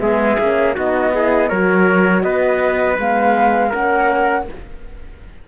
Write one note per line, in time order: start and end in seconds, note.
0.00 0.37 G#3
0.00 0.40 B3
0.00 0.75 G#4
0.00 0.74 E5
0.40 0.77 A#3
0.40 0.75 C#4
0.75 1.51 B3
0.75 1.12 D#4
0.75 1.12 F#4
0.75 1.49 D#5
1.12 1.49 E4
1.12 1.49 G#4
1.49 2.23 F#3
1.49 2.98 F#4
1.49 2.23 A#4
1.49 2.23 C#5
2.23 2.98 B3
2.23 3.69 B4
2.23 2.97 D#5
2.98 3.73 G#3
2.98 3.73 B3
2.98 3.73 F5
3.69 4.48 A#3
3.69 4.47 C#4
3.69 4.43 A#4
3.69 4.47 F#5